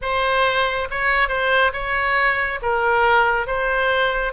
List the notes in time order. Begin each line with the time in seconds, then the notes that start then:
0.01 C5
0.90 C#5
1.28 C5
1.72 C#5
2.62 A#4
3.46 C5